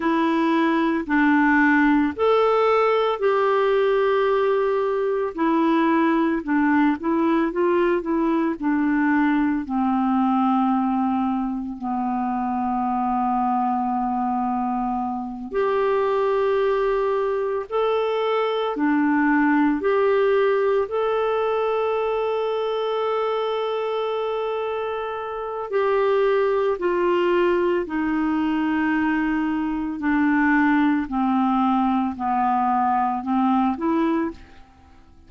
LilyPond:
\new Staff \with { instrumentName = "clarinet" } { \time 4/4 \tempo 4 = 56 e'4 d'4 a'4 g'4~ | g'4 e'4 d'8 e'8 f'8 e'8 | d'4 c'2 b4~ | b2~ b8 g'4.~ |
g'8 a'4 d'4 g'4 a'8~ | a'1 | g'4 f'4 dis'2 | d'4 c'4 b4 c'8 e'8 | }